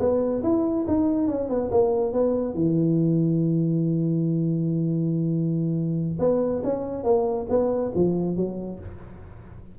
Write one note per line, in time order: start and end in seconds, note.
0.00 0.43 B3
0.43 0.86 E4
0.88 1.28 D#4
1.28 1.50 C#4
1.50 1.71 B3
1.72 2.13 A#3
2.13 2.55 B3
2.55 6.19 E3
6.20 6.63 B3
6.64 7.04 C#4
7.04 7.47 A#3
7.50 7.93 B3
7.95 8.37 F3
8.37 8.80 F#3